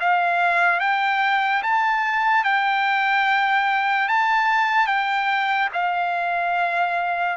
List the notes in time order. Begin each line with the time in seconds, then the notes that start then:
0.00 F5
0.80 G5
1.63 A5
2.44 G5
4.09 A5
4.87 G5
5.73 F5